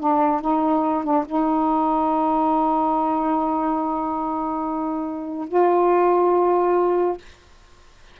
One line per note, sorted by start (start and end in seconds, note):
0.00 0.41 D4
0.41 1.04 D#4
1.04 1.25 D4
1.26 5.48 D#4
5.48 7.17 F4